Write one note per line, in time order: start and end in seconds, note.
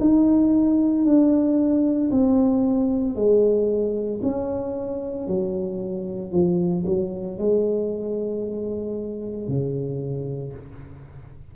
0.00 1.05 D#4
1.05 2.10 D4
2.11 3.15 C4
3.15 4.21 G#3
4.22 5.27 C#4
5.27 6.32 F#3
6.32 6.84 F3
6.85 7.38 F#3
7.38 9.48 G#3
9.48 10.53 C#3